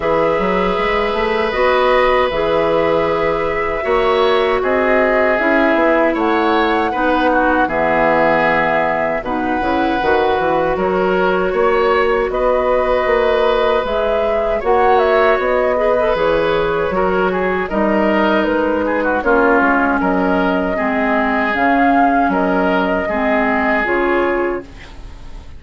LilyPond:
<<
  \new Staff \with { instrumentName = "flute" } { \time 4/4 \tempo 4 = 78 e''2 dis''4 e''4~ | e''2 dis''4 e''4 | fis''2 e''2 | fis''2 cis''2 |
dis''2 e''4 fis''8 e''8 | dis''4 cis''2 dis''4 | b'4 cis''4 dis''2 | f''4 dis''2 cis''4 | }
  \new Staff \with { instrumentName = "oboe" } { \time 4/4 b'1~ | b'4 cis''4 gis'2 | cis''4 b'8 fis'8 gis'2 | b'2 ais'4 cis''4 |
b'2. cis''4~ | cis''8 b'4. ais'8 gis'8 ais'4~ | ais'8 gis'16 fis'16 f'4 ais'4 gis'4~ | gis'4 ais'4 gis'2 | }
  \new Staff \with { instrumentName = "clarinet" } { \time 4/4 gis'2 fis'4 gis'4~ | gis'4 fis'2 e'4~ | e'4 dis'4 b2 | dis'8 e'8 fis'2.~ |
fis'2 gis'4 fis'4~ | fis'8 gis'16 a'16 gis'4 fis'4 dis'4~ | dis'4 cis'2 c'4 | cis'2 c'4 f'4 | }
  \new Staff \with { instrumentName = "bassoon" } { \time 4/4 e8 fis8 gis8 a8 b4 e4~ | e4 ais4 c'4 cis'8 b8 | a4 b4 e2 | b,8 cis8 dis8 e8 fis4 ais4 |
b4 ais4 gis4 ais4 | b4 e4 fis4 g4 | gis4 ais8 gis8 fis4 gis4 | cis4 fis4 gis4 cis4 | }
>>